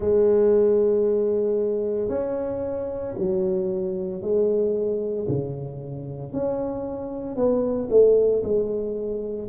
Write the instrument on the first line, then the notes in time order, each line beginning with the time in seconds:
tuba
0.00 G#3
2.09 C#4
3.17 F#3
4.21 G#3
5.28 C#3
6.32 C#4
7.35 B3
7.89 A3
8.43 G#3